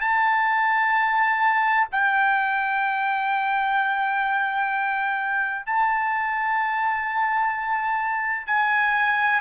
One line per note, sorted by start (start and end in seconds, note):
0.00 1.87 A5
1.91 5.65 G5
5.65 8.46 A5
8.46 9.40 G#5